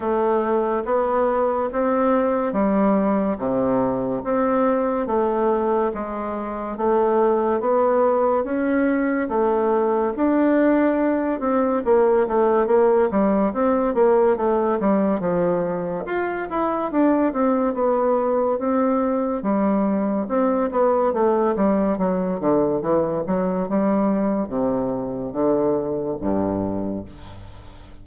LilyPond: \new Staff \with { instrumentName = "bassoon" } { \time 4/4 \tempo 4 = 71 a4 b4 c'4 g4 | c4 c'4 a4 gis4 | a4 b4 cis'4 a4 | d'4. c'8 ais8 a8 ais8 g8 |
c'8 ais8 a8 g8 f4 f'8 e'8 | d'8 c'8 b4 c'4 g4 | c'8 b8 a8 g8 fis8 d8 e8 fis8 | g4 c4 d4 g,4 | }